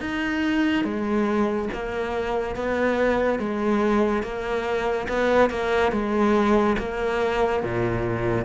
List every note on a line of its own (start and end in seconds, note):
0.00 0.84 D#4
0.84 1.69 G#3
1.73 2.55 A#3
2.55 3.39 B3
3.39 4.23 G#3
4.23 5.07 A#3
5.08 5.50 B3
5.50 5.92 A#3
5.92 6.76 G#3
6.78 7.62 A#3
7.62 8.44 A#2